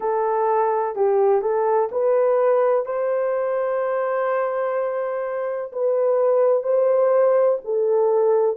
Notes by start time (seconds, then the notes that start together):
0.00 A4
0.95 G4
1.41 A4
1.91 B4
2.85 C5
5.72 B4
6.63 C5
7.64 A4